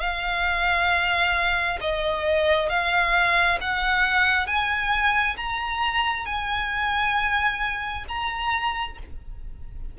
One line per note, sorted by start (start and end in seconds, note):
0.00 1.79 F5
1.81 2.69 D#5
2.69 3.59 F5
3.61 4.47 F#5
4.47 5.36 G#5
5.36 6.26 A#5
6.26 8.05 G#5
8.08 8.98 A#5